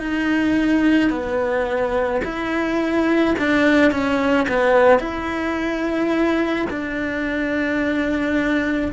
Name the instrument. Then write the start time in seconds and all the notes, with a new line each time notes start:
cello
0.00 D#4
1.11 B3
2.24 E4
3.39 D4
3.92 C#4
4.48 B3
4.99 E4
6.70 D4